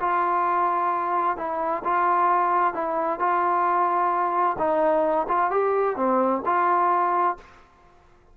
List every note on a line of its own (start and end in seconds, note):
0.00 1.37 F4
1.37 1.83 E4
1.84 2.73 F4
2.73 3.19 E4
3.19 4.56 F4
4.58 5.27 D#4
5.28 5.50 F4
5.50 5.96 G4
5.96 6.42 C4
6.45 7.37 F4